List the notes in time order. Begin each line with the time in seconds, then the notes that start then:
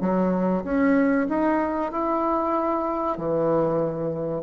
0.00 F#3
0.63 C#4
1.28 D#4
1.91 E4
3.17 E3